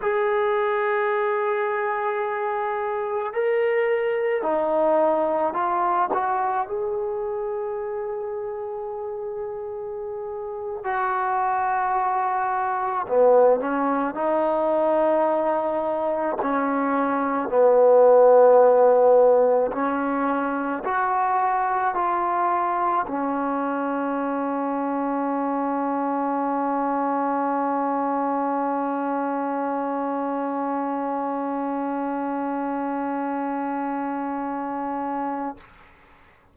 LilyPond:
\new Staff \with { instrumentName = "trombone" } { \time 4/4 \tempo 4 = 54 gis'2. ais'4 | dis'4 f'8 fis'8 gis'2~ | gis'4.~ gis'16 fis'2 b16~ | b16 cis'8 dis'2 cis'4 b16~ |
b4.~ b16 cis'4 fis'4 f'16~ | f'8. cis'2.~ cis'16~ | cis'1~ | cis'1 | }